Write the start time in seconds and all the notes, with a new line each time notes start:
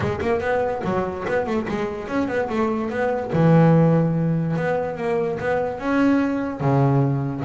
0.00 G#3
0.21 A#3
0.40 B3
0.84 F#3
1.27 B3
1.46 A3
1.68 G#3
2.08 C#4
2.28 B3
2.49 A3
2.90 B3
3.32 E3
4.56 B3
4.97 A#3
5.39 B3
5.79 C#4
6.60 C#3